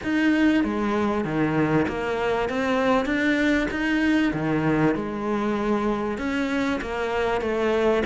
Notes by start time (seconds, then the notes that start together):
0.03 D#4
0.64 G#3
1.24 D#3
1.88 A#3
2.49 C4
3.05 D4
3.70 D#4
4.33 D#3
4.95 G#3
6.18 C#4
6.81 A#3
7.41 A3